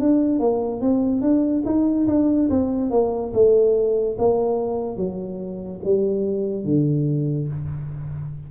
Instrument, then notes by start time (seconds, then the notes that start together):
tuba
0.00 D4
0.39 A#3
0.81 C4
1.21 D4
1.65 D#4
2.08 D4
2.50 C4
2.91 A#3
3.33 A3
4.18 A#3
4.97 F#3
5.84 G3
6.64 D3